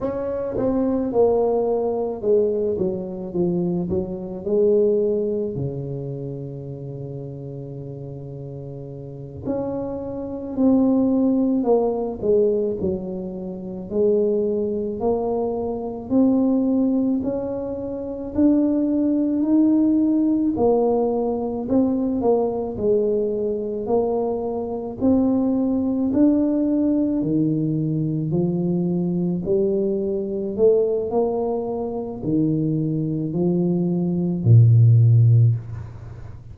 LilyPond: \new Staff \with { instrumentName = "tuba" } { \time 4/4 \tempo 4 = 54 cis'8 c'8 ais4 gis8 fis8 f8 fis8 | gis4 cis2.~ | cis8 cis'4 c'4 ais8 gis8 fis8~ | fis8 gis4 ais4 c'4 cis'8~ |
cis'8 d'4 dis'4 ais4 c'8 | ais8 gis4 ais4 c'4 d'8~ | d'8 dis4 f4 g4 a8 | ais4 dis4 f4 ais,4 | }